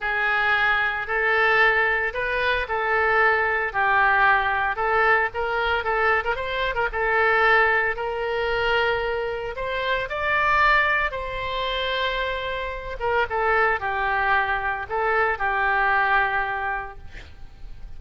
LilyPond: \new Staff \with { instrumentName = "oboe" } { \time 4/4 \tempo 4 = 113 gis'2 a'2 | b'4 a'2 g'4~ | g'4 a'4 ais'4 a'8. ais'16 | c''8. ais'16 a'2 ais'4~ |
ais'2 c''4 d''4~ | d''4 c''2.~ | c''8 ais'8 a'4 g'2 | a'4 g'2. | }